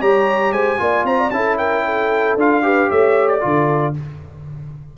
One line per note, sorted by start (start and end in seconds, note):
0.00 0.52 G3
0.00 0.78 G4
0.00 0.53 C#5
0.00 0.52 A#5
0.52 0.78 G#3
0.52 0.79 C5
0.52 1.05 G#5
0.78 1.03 A#3
0.78 1.30 F4
0.78 1.06 D5
1.03 1.30 C4
1.03 1.18 C5
1.03 1.30 A#5
1.18 1.31 D5
1.30 2.36 C#4
1.30 2.38 E4
1.30 1.58 A4
1.30 1.56 A5
1.57 1.84 A#4
1.57 2.36 G5
1.85 2.64 A4
2.36 2.89 D4
2.36 2.62 F4
2.36 2.91 F5
2.62 3.41 G4
2.62 2.88 B4
2.88 3.43 A3
2.88 3.40 C#5
2.88 3.28 E5
3.28 3.94 D5
3.41 3.97 D3
3.41 3.93 F4
3.41 3.96 A4